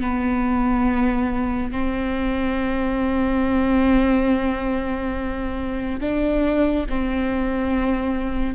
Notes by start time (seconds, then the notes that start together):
0.00 B3
1.71 C4
6.00 D4
6.89 C4